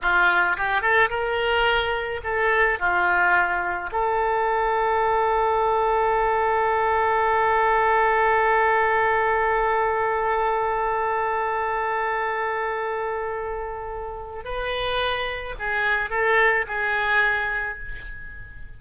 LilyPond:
\new Staff \with { instrumentName = "oboe" } { \time 4/4 \tempo 4 = 108 f'4 g'8 a'8 ais'2 | a'4 f'2 a'4~ | a'1~ | a'1~ |
a'1~ | a'1~ | a'2 b'2 | gis'4 a'4 gis'2 | }